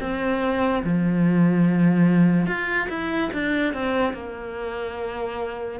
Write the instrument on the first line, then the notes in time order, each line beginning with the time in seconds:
cello
0.00 C4
0.84 F3
2.47 F4
2.89 E4
3.33 D4
3.74 C4
4.14 A#3